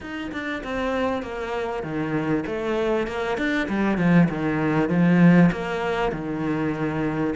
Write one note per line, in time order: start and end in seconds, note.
0.01 0.31 D#4
0.32 0.62 D4
0.63 1.22 C4
1.22 1.83 A#3
1.83 2.44 D#3
2.46 3.07 A3
3.07 3.37 A#3
3.37 3.68 D4
3.68 3.97 G3
3.97 4.28 F3
4.29 4.89 D#3
4.89 5.50 F3
5.51 6.12 A#3
6.12 7.34 D#3